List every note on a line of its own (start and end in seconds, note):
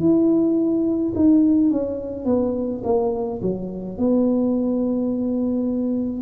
0.00 1.13 E4
1.15 1.71 D#4
1.71 2.25 C#4
2.25 2.81 B3
2.84 3.41 A#3
3.42 3.98 F#3
3.98 6.22 B3